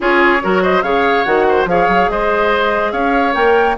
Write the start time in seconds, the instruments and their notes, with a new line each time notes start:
0.00 bassoon C#4, clarinet F4, oboe G#4, flute C#5
0.42 bassoon F#3, clarinet F#4, oboe A#4
0.62 oboe C5, flute D#5
0.82 bassoon C#3, clarinet G#4, oboe C#5, flute F5
1.23 bassoon D#3, clarinet F#4, flute F#5
1.48 oboe C5
1.65 bassoon F3, clarinet G#4, oboe C#5, flute F5
1.87 bassoon F#3
2.09 bassoon G#3, oboe C5, flute D#5
2.91 bassoon C#4, oboe C#5, flute F5
3.33 bassoon A#3, clarinet A#4, flute G5